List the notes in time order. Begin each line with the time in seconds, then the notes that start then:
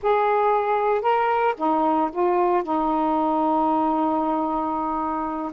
0.02 G#4
1.01 A#4
1.57 D#4
2.11 F4
2.63 D#4